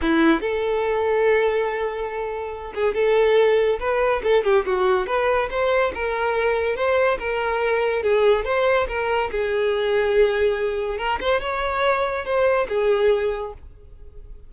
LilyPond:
\new Staff \with { instrumentName = "violin" } { \time 4/4 \tempo 4 = 142 e'4 a'2.~ | a'2~ a'8 gis'8 a'4~ | a'4 b'4 a'8 g'8 fis'4 | b'4 c''4 ais'2 |
c''4 ais'2 gis'4 | c''4 ais'4 gis'2~ | gis'2 ais'8 c''8 cis''4~ | cis''4 c''4 gis'2 | }